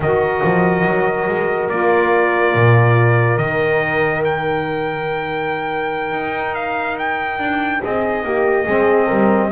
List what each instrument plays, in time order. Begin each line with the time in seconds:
0.00 double bass D#3, saxophone F#4, horn A#4, trumpet D#5
0.43 double bass F3
0.85 double bass F#3
1.27 double bass G#3
1.69 double bass A#3, saxophone F4, trumpet D5
2.54 double bass A#2
3.37 double bass D#3, saxophone D#4, trumpet D#5
4.24 trumpet G5
6.12 double bass D#4
6.54 trumpet F5
6.98 trumpet G5
7.39 double bass D4
7.82 double bass C4, horn G#4, trumpet D#5
8.23 double bass A#3, horn G4
8.65 double bass G#3, saxophone C4, horn G#4
9.06 double bass G3, horn A#4